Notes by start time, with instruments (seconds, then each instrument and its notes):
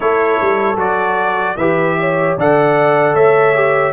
0.00 tuba A3, trombone E4, horn A4, trumpet C#5
0.41 tuba G3
0.76 tuba F#3, trombone F#4, trumpet D5
1.56 tuba E3, trombone G4, horn B4, trumpet E5
1.99 horn C#5
2.37 tuba D3, trombone A4, horn D5, trumpet F#5
3.14 tuba A3, horn C#5, trumpet E5
3.54 trombone G4